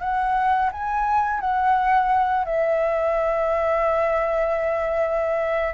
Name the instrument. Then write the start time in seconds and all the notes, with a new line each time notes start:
flute
0.00 F#5
0.71 G#5
1.40 F#5
2.45 E5